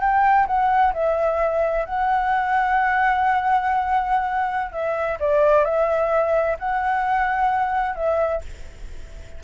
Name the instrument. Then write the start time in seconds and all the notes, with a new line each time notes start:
flute
0.00 G5
0.46 F#5
0.93 E5
1.85 F#5
4.72 E5
5.19 D5
5.64 E5
6.59 F#5
7.95 E5